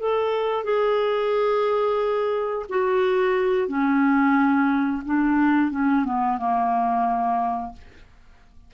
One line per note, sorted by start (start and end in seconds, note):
0.00 0.64 A4
0.64 2.67 G#4
2.70 3.68 F#4
3.68 5.03 C#4
5.06 5.72 D4
5.72 6.05 C#4
6.05 6.38 B3
6.38 7.73 A#3